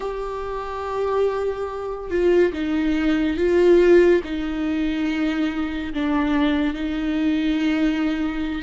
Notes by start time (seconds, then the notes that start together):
0.00 G4
2.10 F4
2.52 D#4
3.37 F4
4.24 D#4
5.93 D4
6.73 D#4